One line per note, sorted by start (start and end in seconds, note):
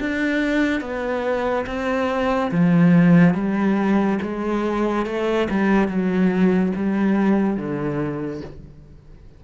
0.00 0.81 D4
0.81 1.65 B3
1.66 2.51 C4
2.51 3.34 F3
3.34 4.19 G3
4.22 5.06 G#3
5.06 5.48 A3
5.50 5.88 G3
5.88 6.73 F#3
6.76 7.57 G3
7.57 8.41 D3